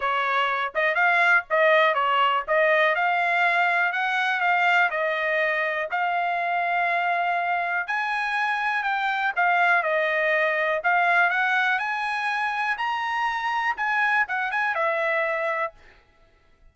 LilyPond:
\new Staff \with { instrumentName = "trumpet" } { \time 4/4 \tempo 4 = 122 cis''4. dis''8 f''4 dis''4 | cis''4 dis''4 f''2 | fis''4 f''4 dis''2 | f''1 |
gis''2 g''4 f''4 | dis''2 f''4 fis''4 | gis''2 ais''2 | gis''4 fis''8 gis''8 e''2 | }